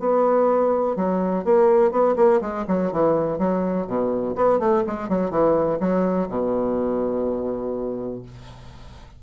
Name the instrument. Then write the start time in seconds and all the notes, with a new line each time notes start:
bassoon
0.00 B3
0.96 F#3
1.45 A#3
1.91 B3
2.16 A#3
2.41 G#3
2.68 F#3
2.92 E3
3.39 F#3
3.87 B2
4.36 B3
4.59 A3
4.87 G#3
5.09 F#3
5.30 E3
5.80 F#3
6.29 B2